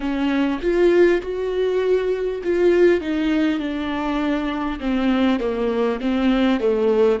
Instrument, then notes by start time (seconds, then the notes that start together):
viola
0.00 C#4
0.61 F4
1.22 F#4
2.43 F4
3.00 D#4
3.59 D4
4.79 C4
5.39 A#3
6.00 C4
6.59 A3